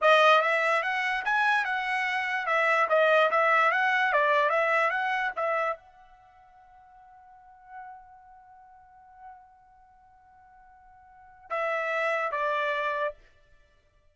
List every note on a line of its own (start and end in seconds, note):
0.01 0.41 D#5
0.41 0.82 E5
0.82 1.23 F#5
1.25 1.65 G#5
1.65 2.46 F#5
2.46 2.87 E5
2.89 3.30 D#5
3.30 3.71 E5
3.71 4.12 F#5
4.12 4.49 D5
4.49 4.90 E5
4.90 5.31 F#5
5.36 5.76 E5
5.76 11.50 F#5
11.50 12.31 E5
12.31 13.13 D5